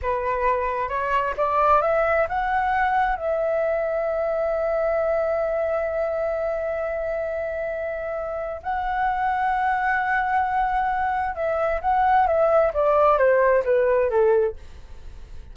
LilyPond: \new Staff \with { instrumentName = "flute" } { \time 4/4 \tempo 4 = 132 b'2 cis''4 d''4 | e''4 fis''2 e''4~ | e''1~ | e''1~ |
e''2. fis''4~ | fis''1~ | fis''4 e''4 fis''4 e''4 | d''4 c''4 b'4 a'4 | }